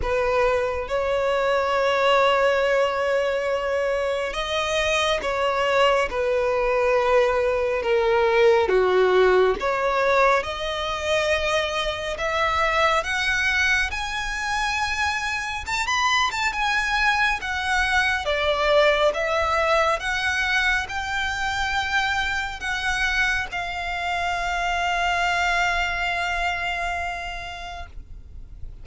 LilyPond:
\new Staff \with { instrumentName = "violin" } { \time 4/4 \tempo 4 = 69 b'4 cis''2.~ | cis''4 dis''4 cis''4 b'4~ | b'4 ais'4 fis'4 cis''4 | dis''2 e''4 fis''4 |
gis''2 a''16 b''8 a''16 gis''4 | fis''4 d''4 e''4 fis''4 | g''2 fis''4 f''4~ | f''1 | }